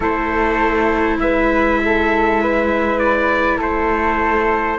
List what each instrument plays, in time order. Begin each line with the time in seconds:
0.00 cello A3, viola E4, flute A4, trumpet C5
1.19 cello G#3, flute B4, trumpet E5
1.84 flute A4
2.42 flute B4
2.98 trumpet D5
3.57 cello A3, flute A4, trumpet C5